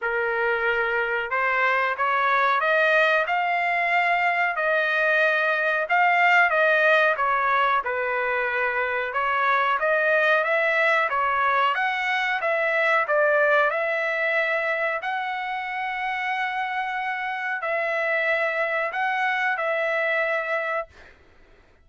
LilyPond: \new Staff \with { instrumentName = "trumpet" } { \time 4/4 \tempo 4 = 92 ais'2 c''4 cis''4 | dis''4 f''2 dis''4~ | dis''4 f''4 dis''4 cis''4 | b'2 cis''4 dis''4 |
e''4 cis''4 fis''4 e''4 | d''4 e''2 fis''4~ | fis''2. e''4~ | e''4 fis''4 e''2 | }